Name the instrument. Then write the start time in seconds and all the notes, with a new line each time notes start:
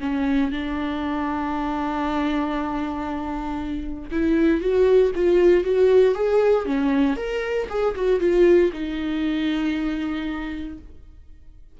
viola
0.00 C#4
0.51 D4
4.11 E4
4.61 F#4
5.15 F4
5.64 F#4
6.15 G#4
6.65 C#4
7.16 A#4
7.69 G#4
7.95 F#4
8.20 F4
8.73 D#4